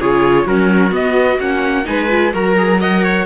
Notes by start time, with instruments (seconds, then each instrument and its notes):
0.00 cello C#3, viola F4 G#4, trumpet C#5
0.43 cello F#3, viola C#4 F#4, trumpet A#4
0.90 viola B3, cello B3, trumpet D#5
1.39 cello A#3, viola C#4, trumpet F#5
1.84 cello G#3, viola D#4 B4, trumpet G#5
2.09 viola F4
2.33 cello F#3, viola F#4 A#4, trumpet A#5
2.57 viola G#4
2.79 viola A#4 D#5, trumpet F#5
3.04 viola C#5